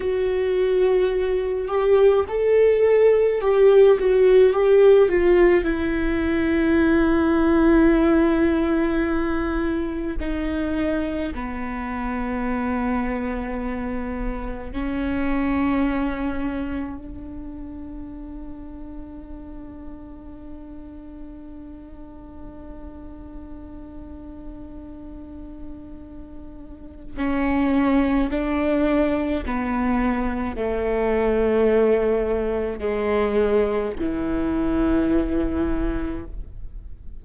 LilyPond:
\new Staff \with { instrumentName = "viola" } { \time 4/4 \tempo 4 = 53 fis'4. g'8 a'4 g'8 fis'8 | g'8 f'8 e'2.~ | e'4 dis'4 b2~ | b4 cis'2 d'4~ |
d'1~ | d'1 | cis'4 d'4 b4 a4~ | a4 gis4 e2 | }